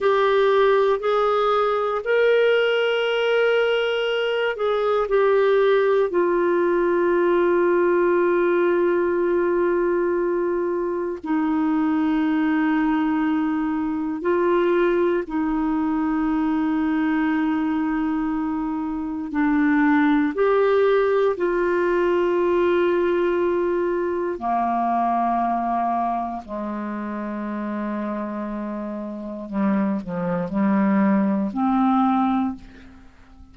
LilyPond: \new Staff \with { instrumentName = "clarinet" } { \time 4/4 \tempo 4 = 59 g'4 gis'4 ais'2~ | ais'8 gis'8 g'4 f'2~ | f'2. dis'4~ | dis'2 f'4 dis'4~ |
dis'2. d'4 | g'4 f'2. | ais2 gis2~ | gis4 g8 f8 g4 c'4 | }